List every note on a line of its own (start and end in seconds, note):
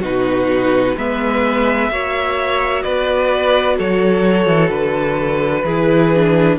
0.00 0.95 B2
0.00 0.95 D#4
0.00 0.94 F#4
0.00 0.97 B4
0.97 1.90 G#3
0.97 1.91 B3
0.97 1.91 B4
0.97 2.82 E5
1.90 2.84 A#3
1.90 5.66 F#4
1.90 2.83 C#5
2.82 3.79 B3
2.82 3.76 B4
2.82 3.76 D5
3.77 4.46 F#3
3.77 5.64 A4
3.77 4.70 C#5
4.46 4.69 E3
4.69 5.63 D3
4.69 6.57 B4
5.64 6.57 E3
5.64 6.15 E4
5.64 6.58 G#4
6.15 6.58 D4